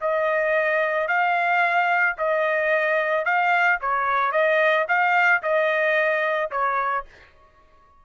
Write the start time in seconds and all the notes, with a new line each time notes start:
0.00 D#5
1.08 F5
2.17 D#5
3.24 F5
3.80 C#5
4.31 D#5
4.88 F5
5.42 D#5
6.51 C#5